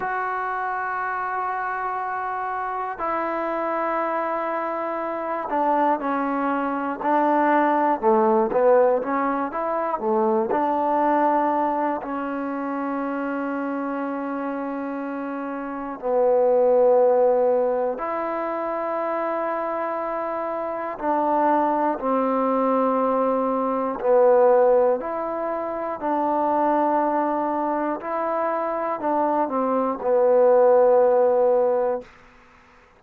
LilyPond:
\new Staff \with { instrumentName = "trombone" } { \time 4/4 \tempo 4 = 60 fis'2. e'4~ | e'4. d'8 cis'4 d'4 | a8 b8 cis'8 e'8 a8 d'4. | cis'1 |
b2 e'2~ | e'4 d'4 c'2 | b4 e'4 d'2 | e'4 d'8 c'8 b2 | }